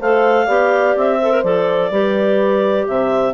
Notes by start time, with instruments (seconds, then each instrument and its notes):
0.00 bassoon A3, clarinet A4 F5, horn C5
0.46 bassoon B3, clarinet G4, horn D5
0.96 bassoon C4, clarinet E5
1.19 clarinet A4, horn C5
1.31 clarinet A#4
1.43 bassoon F3, clarinet A4 D5
1.90 bassoon G3, clarinet G4, horn B4
2.88 bassoon C3, horn C5, clarinet E5